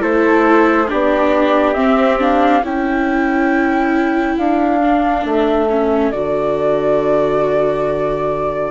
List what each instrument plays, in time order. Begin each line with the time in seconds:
0.00 bassoon A3, viola E4, trumpet A4, flute C5
0.88 bassoon B3, viola D4, trumpet G4, flute D5
1.74 viola C4, bassoon C4, flute E5
2.19 viola D4, flute F5
2.63 bassoon C#4, viola E4, trumpet A4, flute G5
4.38 bassoon D4, flute F5
4.81 viola D4
5.25 bassoon A3, flute E5
5.70 viola C#4
6.11 bassoon D3, viola F#4, flute D5